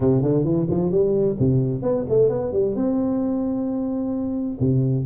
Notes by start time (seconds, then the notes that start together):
0.00 C3
0.22 D3
0.44 E3
0.70 F3
0.91 G3
1.39 C3
1.82 B3
2.08 A3
2.29 B3
2.52 G3
2.75 C4
4.60 C3